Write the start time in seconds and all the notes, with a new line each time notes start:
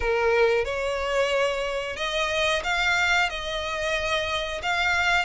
0.00 A#4
0.64 C#5
1.96 D#5
2.63 F5
3.29 D#5
4.62 F5